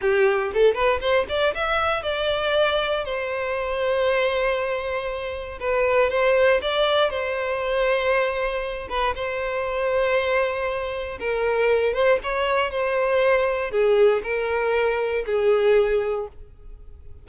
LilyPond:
\new Staff \with { instrumentName = "violin" } { \time 4/4 \tempo 4 = 118 g'4 a'8 b'8 c''8 d''8 e''4 | d''2 c''2~ | c''2. b'4 | c''4 d''4 c''2~ |
c''4. b'8 c''2~ | c''2 ais'4. c''8 | cis''4 c''2 gis'4 | ais'2 gis'2 | }